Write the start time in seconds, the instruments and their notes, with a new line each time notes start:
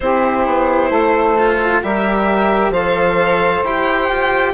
0.00 bassoon C4, cello E4, saxophone G4, violin C5
0.46 bassoon B3
0.90 bassoon A3, saxophone A4
1.38 cello F4
1.82 bassoon G3, cello G4, saxophone A#4, violin E5
2.70 bassoon F3, cello A4, saxophone C5, violin F5
3.63 bassoon E4, cello G4, violin G5
4.09 bassoon F4